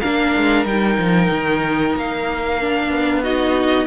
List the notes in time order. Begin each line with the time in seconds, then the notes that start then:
0.00 A#3 D4 A#4 F5
0.37 G#3
0.65 G3 D#4 G5
0.98 F3
1.31 D#3
1.96 A#3 F5
2.61 D4
2.90 B3
3.23 D#4 F#4 D#5